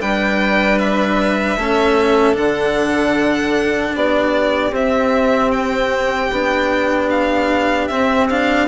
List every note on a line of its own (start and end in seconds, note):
0.00 1.57 G3
0.00 1.58 D4
0.00 1.59 B4
0.00 0.78 G5
0.78 2.36 E5
1.57 2.36 A3
1.57 2.34 C#4
1.57 3.94 A4
2.34 3.95 D3
2.34 4.71 D4
2.34 3.95 F#5
3.94 4.71 B3
3.94 8.68 G4
3.94 4.75 D5
4.71 6.29 C4
4.71 6.32 C4
4.71 5.51 E5
5.51 7.09 G5
6.31 7.89 B3
6.31 7.90 D4
7.10 7.87 F5
7.87 8.68 C4
7.87 8.30 C4
7.87 8.27 E5
8.30 8.68 D4
8.30 8.68 F5